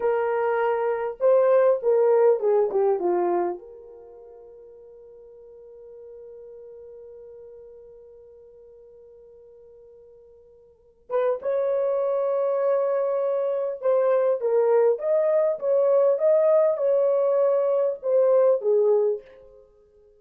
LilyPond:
\new Staff \with { instrumentName = "horn" } { \time 4/4 \tempo 4 = 100 ais'2 c''4 ais'4 | gis'8 g'8 f'4 ais'2~ | ais'1~ | ais'1~ |
ais'2~ ais'8 b'8 cis''4~ | cis''2. c''4 | ais'4 dis''4 cis''4 dis''4 | cis''2 c''4 gis'4 | }